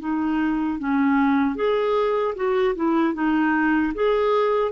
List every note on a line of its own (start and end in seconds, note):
0.00 0.79 D#4
0.79 1.55 C#4
1.55 2.34 G#4
2.35 2.75 F#4
2.75 3.14 E4
3.14 3.93 D#4
3.94 4.72 G#4